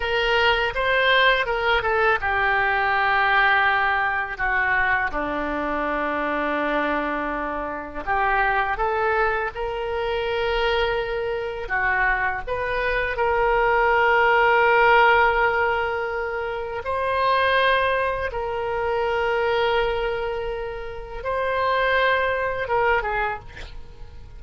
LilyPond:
\new Staff \with { instrumentName = "oboe" } { \time 4/4 \tempo 4 = 82 ais'4 c''4 ais'8 a'8 g'4~ | g'2 fis'4 d'4~ | d'2. g'4 | a'4 ais'2. |
fis'4 b'4 ais'2~ | ais'2. c''4~ | c''4 ais'2.~ | ais'4 c''2 ais'8 gis'8 | }